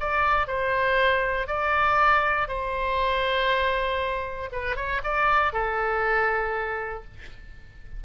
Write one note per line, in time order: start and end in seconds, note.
0.00 0.47 D5
0.47 1.47 C5
1.47 2.48 D5
2.48 4.49 C5
4.52 4.76 B4
4.76 5.01 C#5
5.03 5.53 D5
5.53 7.04 A4